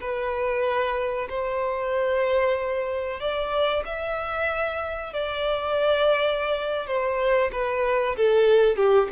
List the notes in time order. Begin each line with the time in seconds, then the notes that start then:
0.00 B4
1.29 C5
3.19 D5
3.85 E5
5.13 D5
6.86 C5
7.52 B4
8.16 A4
8.76 G4